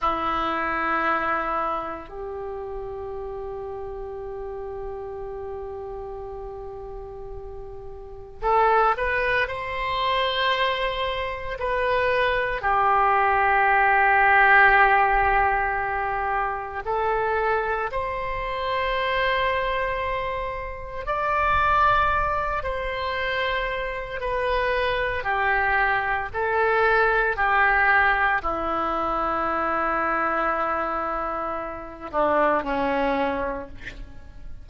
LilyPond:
\new Staff \with { instrumentName = "oboe" } { \time 4/4 \tempo 4 = 57 e'2 g'2~ | g'1 | a'8 b'8 c''2 b'4 | g'1 |
a'4 c''2. | d''4. c''4. b'4 | g'4 a'4 g'4 e'4~ | e'2~ e'8 d'8 cis'4 | }